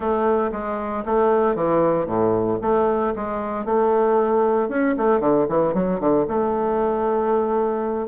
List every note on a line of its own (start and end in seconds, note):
0.00 0.51 A3
0.51 1.04 G#3
1.05 1.55 A3
1.55 2.06 E3
2.06 2.58 A2
2.61 3.13 A3
3.15 3.65 G#3
3.65 4.69 A3
4.69 4.95 C#4
4.97 5.20 A3
5.20 5.46 D3
5.48 5.74 E3
5.74 6.00 F#3
6.00 6.26 D3
6.28 8.07 A3